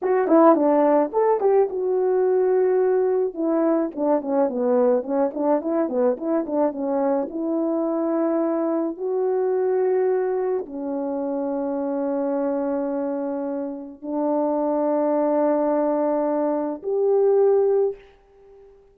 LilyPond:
\new Staff \with { instrumentName = "horn" } { \time 4/4 \tempo 4 = 107 fis'8 e'8 d'4 a'8 g'8 fis'4~ | fis'2 e'4 d'8 cis'8 | b4 cis'8 d'8 e'8 b8 e'8 d'8 | cis'4 e'2. |
fis'2. cis'4~ | cis'1~ | cis'4 d'2.~ | d'2 g'2 | }